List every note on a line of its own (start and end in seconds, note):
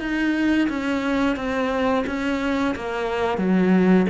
0.00 0.68 D#4
0.69 1.36 C#4
1.36 2.05 C4
2.07 2.75 C#4
2.76 3.38 A#3
3.38 4.06 F#3